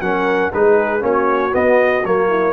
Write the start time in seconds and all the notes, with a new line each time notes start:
0.00 F#3 C#4 A#4 F#5
0.53 G#3 D#4 G#4 B4
1.00 A#3 C#4 F#4 C#5
1.52 B3 D#5
2.05 F#3 A#3 C#5
2.29 E4